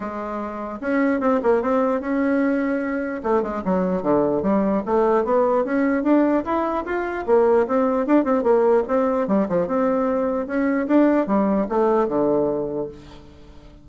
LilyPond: \new Staff \with { instrumentName = "bassoon" } { \time 4/4 \tempo 4 = 149 gis2 cis'4 c'8 ais8 | c'4 cis'2. | a8 gis8 fis4 d4 g4 | a4 b4 cis'4 d'4 |
e'4 f'4 ais4 c'4 | d'8 c'8 ais4 c'4 g8 f8 | c'2 cis'4 d'4 | g4 a4 d2 | }